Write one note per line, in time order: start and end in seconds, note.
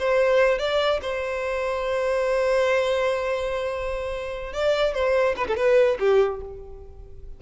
0.00 0.59 C5
0.59 1.01 D5
1.02 4.53 C5
4.53 4.95 D5
4.95 5.36 C5
5.37 5.48 B4
5.48 5.57 A4
5.57 5.98 B4
6.00 6.41 G4